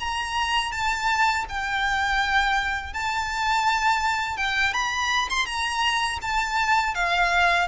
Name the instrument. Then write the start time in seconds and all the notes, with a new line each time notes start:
violin
0.00 A#5
0.73 A5
1.50 G5
2.94 A5
4.37 G5
4.74 B5
5.30 C6
5.46 A#5
6.22 A5
6.95 F5